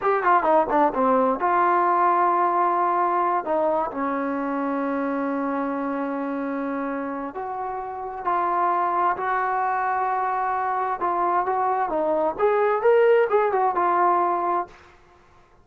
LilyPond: \new Staff \with { instrumentName = "trombone" } { \time 4/4 \tempo 4 = 131 g'8 f'8 dis'8 d'8 c'4 f'4~ | f'2.~ f'8 dis'8~ | dis'8 cis'2.~ cis'8~ | cis'1 |
fis'2 f'2 | fis'1 | f'4 fis'4 dis'4 gis'4 | ais'4 gis'8 fis'8 f'2 | }